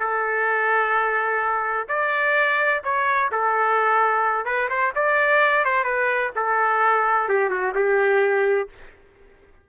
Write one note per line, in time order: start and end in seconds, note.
0.00 1.87 A4
1.89 2.83 D5
2.84 3.31 C#5
3.32 4.46 A4
4.46 4.69 B4
4.70 4.93 C5
4.96 5.65 D5
5.65 5.84 C5
5.84 6.31 B4
6.36 7.29 A4
7.29 7.50 G4
7.50 7.74 F#4
7.75 8.69 G4